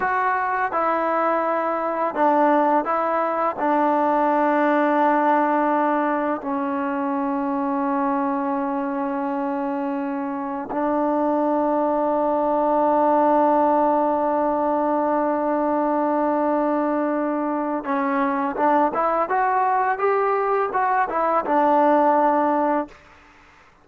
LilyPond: \new Staff \with { instrumentName = "trombone" } { \time 4/4 \tempo 4 = 84 fis'4 e'2 d'4 | e'4 d'2.~ | d'4 cis'2.~ | cis'2. d'4~ |
d'1~ | d'1~ | d'4 cis'4 d'8 e'8 fis'4 | g'4 fis'8 e'8 d'2 | }